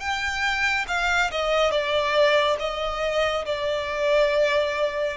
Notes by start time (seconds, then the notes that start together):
0.00 G5
0.88 F5
1.32 D#5
1.71 D5
2.60 D#5
3.46 D5